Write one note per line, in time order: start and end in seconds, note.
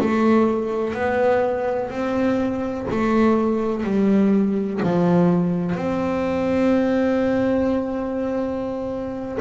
0.00 0.94 A3
0.94 1.90 B3
1.90 2.87 C4
2.90 3.84 A3
3.84 4.80 G3
4.83 5.75 F3
5.75 9.38 C4